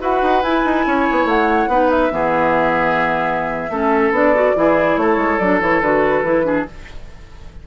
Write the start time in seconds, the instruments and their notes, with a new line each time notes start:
0.00 bassoon E4, clarinet F#4, oboe B4, flute F#5
0.22 bassoon D#4
0.43 bassoon E4, clarinet E4, flute G#5
0.65 bassoon D#4
0.87 bassoon C#4, oboe C#5
1.11 bassoon B3
1.25 bassoon A3, flute F#5
1.68 bassoon B3, clarinet D#4, oboe B4
1.91 flute E5
2.11 bassoon E3, clarinet B3, oboe G#4
3.70 bassoon A3, clarinet C#4, oboe A4
4.11 bassoon B3, clarinet D4, flute D5
4.35 clarinet F#4
4.56 bassoon E3, clarinet E4, oboe G#4
4.97 bassoon A3, oboe A4, flute C#5
5.17 bassoon G#3
5.39 bassoon F#3, clarinet D4, flute D5
5.60 bassoon E3, clarinet E4, flute C#5
5.81 bassoon D3, clarinet F#4, flute B4
6.23 bassoon E3, clarinet E4
6.44 clarinet D4, oboe G#4